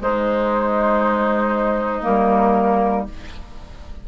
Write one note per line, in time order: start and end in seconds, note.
0.00 2.02 G#3
0.00 2.04 G#3
0.00 3.07 D#4
0.00 2.03 C5
2.02 3.08 G3
2.02 3.04 A#3
2.02 3.05 A#4